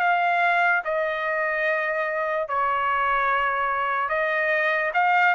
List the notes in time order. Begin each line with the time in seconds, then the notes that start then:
0.00 F5
0.85 D#5
2.48 C#5
4.09 D#5
4.94 F5